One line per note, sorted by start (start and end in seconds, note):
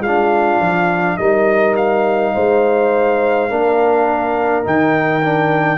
0.00 0.58 G#3
0.00 1.17 F4
0.00 1.17 F5
0.07 1.19 D4
0.60 1.18 F3
1.17 2.34 G3
1.17 3.50 D#4
1.17 2.34 A#4
1.17 1.75 D#5
1.76 4.65 F5
2.34 3.50 G#3
2.34 3.49 C5
3.49 4.65 A#3
3.49 4.64 D4
3.49 5.78 A#4
4.64 5.78 D#3
4.64 5.21 D#4
4.64 5.78 G5
5.22 5.78 D4